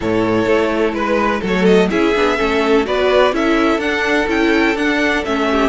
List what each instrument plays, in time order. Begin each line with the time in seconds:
0.00 cello A2, viola E4, violin A4 C#5
0.45 cello A3
0.93 cello G#3, violin B4
1.41 cello F#3, viola A3, violin A4
1.47 violin C#5
1.65 violin D#5
1.90 cello C#4, viola E4, violin G#4 E5
2.14 cello B3, viola D4
2.37 cello A3, viola C#4, violin A4
2.85 cello B3, viola F#4, violin B4 D5
3.32 cello C#4, viola E4, violin A4 E5
3.78 cello D4, viola D4, violin F#5
4.27 cello C#4, viola E4, violin G5
4.75 cello D4, viola D4, violin F#5
5.24 cello A3, viola C#4, violin E5
5.50 violin G4